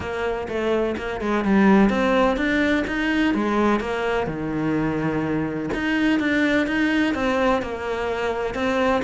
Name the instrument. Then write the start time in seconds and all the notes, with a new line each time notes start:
cello
0.00 A#3
0.48 A3
0.97 A#3
1.20 G#3
1.44 G3
1.89 C4
2.37 D4
2.87 D#4
3.34 G#3
3.80 A#3
4.26 D#3
5.73 D#4
6.19 D4
6.67 D#4
7.14 C4
7.62 A#3
8.54 C4